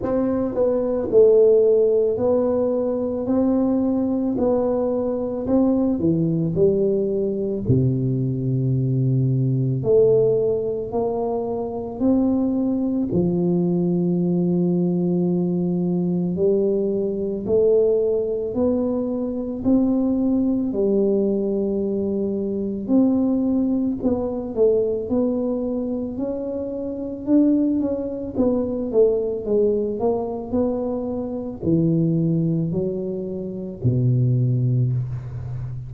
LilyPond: \new Staff \with { instrumentName = "tuba" } { \time 4/4 \tempo 4 = 55 c'8 b8 a4 b4 c'4 | b4 c'8 e8 g4 c4~ | c4 a4 ais4 c'4 | f2. g4 |
a4 b4 c'4 g4~ | g4 c'4 b8 a8 b4 | cis'4 d'8 cis'8 b8 a8 gis8 ais8 | b4 e4 fis4 b,4 | }